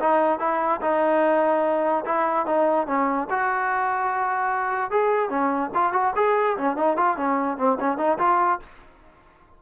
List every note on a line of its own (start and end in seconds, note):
0.00 0.39 D#4
0.39 0.81 E4
0.81 2.05 D#4
2.05 2.46 E4
2.46 2.87 D#4
2.87 3.28 C#4
3.30 4.91 F#4
4.91 5.30 G#4
5.30 5.71 C#4
5.74 5.93 F4
5.93 6.14 F#4
6.16 6.57 G#4
6.57 6.77 C#4
6.77 6.97 D#4
6.97 7.17 F4
7.17 7.58 C#4
7.58 7.78 C4
7.80 7.98 C#4
7.98 8.18 D#4
8.19 8.60 F4